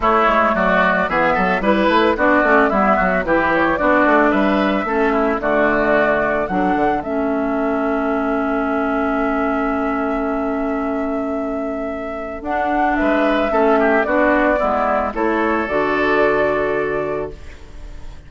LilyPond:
<<
  \new Staff \with { instrumentName = "flute" } { \time 4/4 \tempo 4 = 111 cis''4 d''4 e''4 b'4 | d''4 e''4 b'8 cis''8 d''4 | e''2 d''2 | fis''4 e''2.~ |
e''1~ | e''2. fis''4 | e''2 d''2 | cis''4 d''2. | }
  \new Staff \with { instrumentName = "oboe" } { \time 4/4 e'4 fis'4 gis'8 a'8 b'4 | fis'4 e'8 fis'8 g'4 fis'4 | b'4 a'8 e'8 fis'2 | a'1~ |
a'1~ | a'1 | b'4 a'8 g'8 fis'4 e'4 | a'1 | }
  \new Staff \with { instrumentName = "clarinet" } { \time 4/4 a2 b4 e'4 | d'8 cis'8 b4 e'4 d'4~ | d'4 cis'4 a2 | d'4 cis'2.~ |
cis'1~ | cis'2. d'4~ | d'4 cis'4 d'4 b4 | e'4 fis'2. | }
  \new Staff \with { instrumentName = "bassoon" } { \time 4/4 a8 gis8 fis4 e8 fis8 g8 a8 | b8 a8 g8 fis8 e4 b8 a8 | g4 a4 d2 | fis8 d8 a2.~ |
a1~ | a2. d'4 | gis4 a4 b4 gis4 | a4 d2. | }
>>